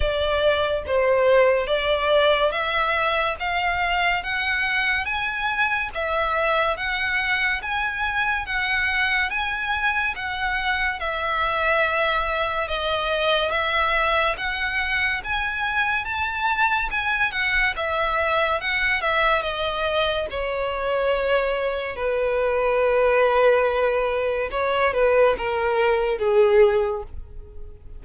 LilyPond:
\new Staff \with { instrumentName = "violin" } { \time 4/4 \tempo 4 = 71 d''4 c''4 d''4 e''4 | f''4 fis''4 gis''4 e''4 | fis''4 gis''4 fis''4 gis''4 | fis''4 e''2 dis''4 |
e''4 fis''4 gis''4 a''4 | gis''8 fis''8 e''4 fis''8 e''8 dis''4 | cis''2 b'2~ | b'4 cis''8 b'8 ais'4 gis'4 | }